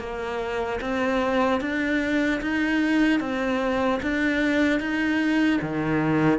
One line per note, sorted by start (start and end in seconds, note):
0.00 0.80 A#3
0.81 1.61 C4
1.61 2.41 D4
2.41 3.20 D#4
3.20 4.00 C4
4.03 4.80 D4
4.80 5.60 D#4
5.62 6.39 D#3